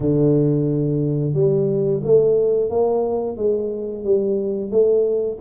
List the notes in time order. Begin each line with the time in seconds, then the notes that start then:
0.00 D3
1.33 G3
2.03 A3
2.70 A#3
3.36 G#3
4.04 G3
4.70 A3